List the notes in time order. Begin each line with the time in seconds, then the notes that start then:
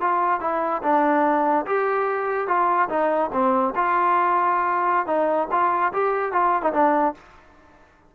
0.00 F4
0.40 E4
0.82 D4
1.66 G4
2.47 F4
2.89 D#4
3.33 C4
3.75 F4
5.06 D#4
5.51 F4
5.92 G4
6.32 F4
6.62 D#4
6.73 D4